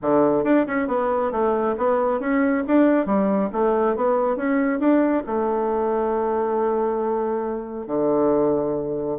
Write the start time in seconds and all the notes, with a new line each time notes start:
0.02 D3
0.44 D4
0.66 C#4
0.87 B3
1.31 A3
1.77 B3
2.19 C#4
2.67 D4
3.06 G3
3.52 A3
3.96 B3
4.36 C#4
4.79 D4
5.26 A3
7.86 D3